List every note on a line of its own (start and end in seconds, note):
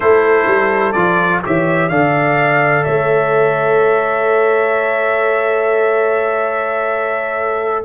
0.00 0.46 A3
0.00 0.94 E4
0.00 1.43 A4
0.00 0.92 C5
0.46 0.94 G3
0.92 1.43 F3
0.92 1.42 F4
0.92 1.40 D5
1.43 1.89 E3
1.43 1.90 G4
1.43 1.89 C#5
1.43 1.88 E5
1.88 2.85 D3
1.88 7.84 A4
1.88 2.84 D5
1.88 2.84 F5
2.84 7.84 A3
2.84 7.84 C#5
2.84 7.84 E5